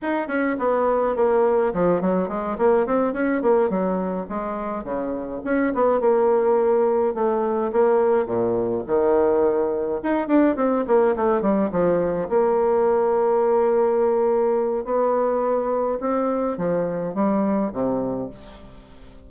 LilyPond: \new Staff \with { instrumentName = "bassoon" } { \time 4/4 \tempo 4 = 105 dis'8 cis'8 b4 ais4 f8 fis8 | gis8 ais8 c'8 cis'8 ais8 fis4 gis8~ | gis8 cis4 cis'8 b8 ais4.~ | ais8 a4 ais4 ais,4 dis8~ |
dis4. dis'8 d'8 c'8 ais8 a8 | g8 f4 ais2~ ais8~ | ais2 b2 | c'4 f4 g4 c4 | }